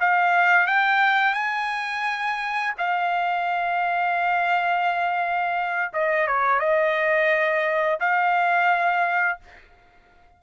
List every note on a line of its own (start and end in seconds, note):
0.00 0.67 F5
0.67 1.34 G5
1.34 2.74 G#5
2.78 5.92 F5
5.93 6.27 D#5
6.27 6.60 C#5
6.60 7.99 D#5
8.00 9.40 F5